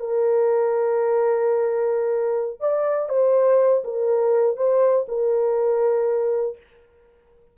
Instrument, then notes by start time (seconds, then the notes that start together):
horn
0.00 A#4
2.60 D5
3.09 C5
3.84 A#4
4.57 C5
5.08 A#4